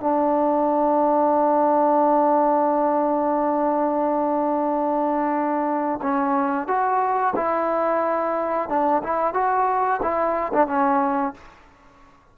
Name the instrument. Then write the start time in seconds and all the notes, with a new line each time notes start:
trombone
0.00 D4
6.02 C#4
6.67 F#4
7.35 E4
8.69 D4
9.03 E4
9.34 F#4
10.02 E4
10.53 D4
10.67 C#4